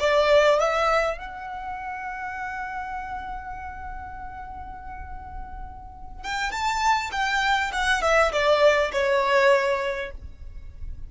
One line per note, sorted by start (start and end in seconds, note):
0.00 0.59 D5
0.60 1.18 E5
1.18 6.23 F#5
6.23 6.51 G5
6.51 7.11 A5
7.12 7.71 G5
7.72 8.02 F#5
8.02 8.32 E5
8.32 8.92 D5
8.92 10.11 C#5